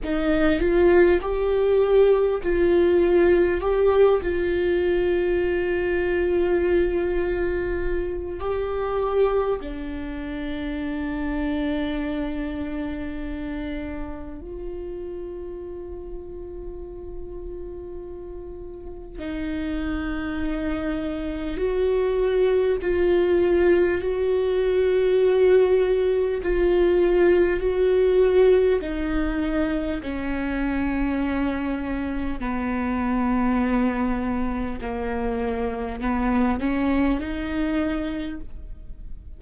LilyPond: \new Staff \with { instrumentName = "viola" } { \time 4/4 \tempo 4 = 50 dis'8 f'8 g'4 f'4 g'8 f'8~ | f'2. g'4 | d'1 | f'1 |
dis'2 fis'4 f'4 | fis'2 f'4 fis'4 | dis'4 cis'2 b4~ | b4 ais4 b8 cis'8 dis'4 | }